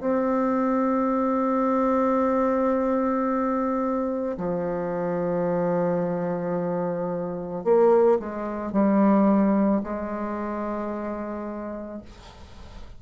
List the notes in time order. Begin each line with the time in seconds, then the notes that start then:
0.00 C4
4.37 F3
7.64 A#3
8.19 G#3
8.72 G3
9.83 G#3